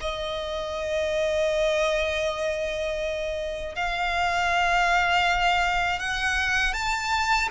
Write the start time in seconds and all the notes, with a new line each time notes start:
0.00 D#5
3.75 F5
5.99 F#5
6.73 A5